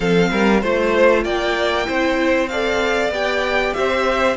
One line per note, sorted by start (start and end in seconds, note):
0.00 0.31 F3
0.00 0.61 C4
0.00 0.29 A4
0.00 0.62 F5
0.31 0.62 G3
0.31 0.61 A#4
0.61 1.25 A3
0.61 1.85 F4
0.61 1.23 C5
0.61 1.24 C5
1.24 1.88 A#3
1.24 1.86 D5
1.24 2.48 G5
1.85 3.09 C4
1.85 2.48 E4
1.85 2.49 C5
2.48 3.11 A4
2.48 3.76 D5
2.48 3.10 F5
3.09 3.72 B3
3.09 4.36 G4
3.09 3.73 G5
3.73 4.36 C4
3.73 4.36 C5
3.73 4.36 E5